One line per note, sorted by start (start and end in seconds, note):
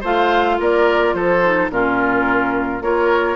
0.00 0.59 A3
0.00 1.42 F4
0.00 0.56 C5
0.00 0.60 F5
0.59 1.13 A#3
0.59 1.15 A#4
0.59 1.14 D5
1.13 1.69 F3
1.13 1.71 A4
1.13 1.69 C5
1.43 1.71 D#4
1.70 2.80 A#2
1.70 2.82 C#4
1.70 2.83 F4
1.70 2.82 A#4
2.80 3.36 A#3
2.80 3.36 F4
2.80 3.36 A#4
2.80 3.36 C#5